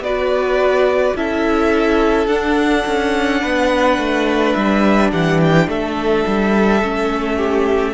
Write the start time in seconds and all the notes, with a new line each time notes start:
0.00 B3 F#4 B4 D5
1.15 C#4 E4 A4 E5
2.27 D4 F#5
2.87 C#4
3.41 B3 B4
3.98 A3
4.54 G3 E5
5.11 E3 G4 F#5
5.41 G5
5.67 A3 A4 E5
6.27 G3
6.82 A3 C#4
7.37 G4